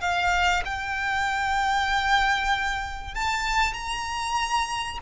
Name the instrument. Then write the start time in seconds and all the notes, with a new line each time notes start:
violin
0.00 F5
0.64 G5
3.14 A5
3.73 A#5